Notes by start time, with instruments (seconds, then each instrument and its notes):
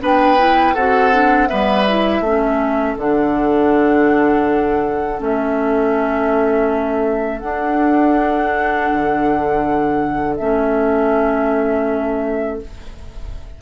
0.00 bassoon B3, clarinet D4, oboe B4, flute G5
0.38 clarinet E4
0.74 bassoon C4, clarinet F#4, oboe A4, flute F#5
1.12 clarinet D4
1.48 bassoon G3, clarinet B3, oboe B4, flute E5
1.88 clarinet E4
2.20 bassoon A3, clarinet C#4, oboe A4
2.97 bassoon D3, clarinet D4, flute F#5
5.18 bassoon A3, clarinet C#4, flute E5
7.39 bassoon D4, clarinet D4, flute F#5
8.92 bassoon D3
10.36 bassoon A3, clarinet C#4, flute E5